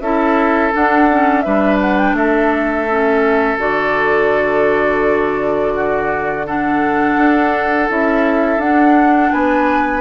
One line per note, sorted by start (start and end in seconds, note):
0.00 0.71 C#4
0.00 0.72 E4
0.00 1.44 A4
0.00 0.71 E5
0.72 1.08 D4
0.72 1.46 D4
0.72 1.41 F#5
1.10 1.44 C#4
1.41 2.12 G3
1.41 2.87 D4
1.41 2.16 B4
1.41 1.76 E5
1.81 1.97 F#5
1.97 2.15 G5
2.12 3.55 A3
2.12 5.73 A4
2.12 3.58 E5
2.89 3.58 C#4
3.58 7.15 D3
3.58 6.44 F#4
3.58 6.46 D5
5.74 6.46 F#4
6.46 7.88 D4
6.46 9.31 A4
6.46 7.89 F#5
7.17 7.88 D4
7.88 8.57 C#4
7.88 8.60 E4
7.88 8.60 E5
8.57 9.29 D4
8.57 10.00 D4
8.57 9.32 F#5
9.32 10.00 B3
9.32 10.00 B4
9.32 10.00 G#5